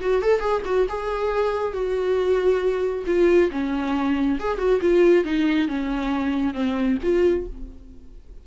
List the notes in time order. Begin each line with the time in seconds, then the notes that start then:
0.00 F#4
0.22 A4
0.40 G#4
0.65 F#4
0.88 G#4
1.73 F#4
3.06 F4
3.51 C#4
4.39 G#4
4.58 F#4
4.81 F4
5.24 D#4
5.68 C#4
6.54 C4
7.03 F4